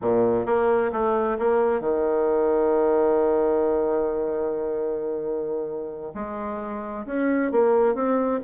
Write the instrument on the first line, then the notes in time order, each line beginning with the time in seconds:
bassoon
0.01 A#2
0.45 A#3
0.92 A3
1.38 A#3
1.80 D#3
6.14 G#3
7.06 C#4
7.51 A#3
7.94 C4